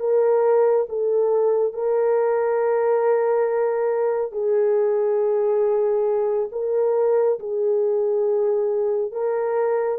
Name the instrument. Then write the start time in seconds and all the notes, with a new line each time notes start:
horn
0.00 A#4
0.89 A4
1.74 A#4
4.32 G#4
6.52 A#4
7.40 G#4
9.12 A#4